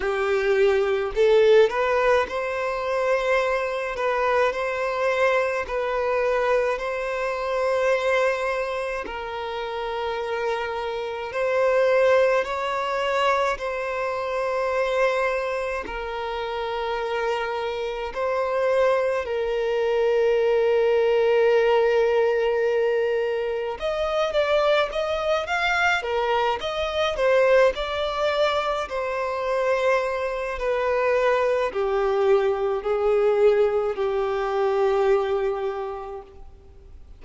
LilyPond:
\new Staff \with { instrumentName = "violin" } { \time 4/4 \tempo 4 = 53 g'4 a'8 b'8 c''4. b'8 | c''4 b'4 c''2 | ais'2 c''4 cis''4 | c''2 ais'2 |
c''4 ais'2.~ | ais'4 dis''8 d''8 dis''8 f''8 ais'8 dis''8 | c''8 d''4 c''4. b'4 | g'4 gis'4 g'2 | }